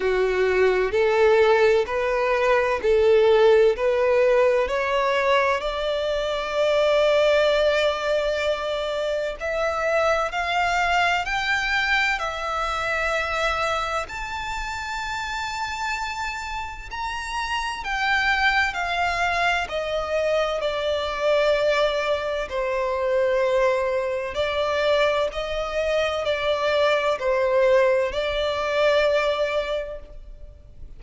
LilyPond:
\new Staff \with { instrumentName = "violin" } { \time 4/4 \tempo 4 = 64 fis'4 a'4 b'4 a'4 | b'4 cis''4 d''2~ | d''2 e''4 f''4 | g''4 e''2 a''4~ |
a''2 ais''4 g''4 | f''4 dis''4 d''2 | c''2 d''4 dis''4 | d''4 c''4 d''2 | }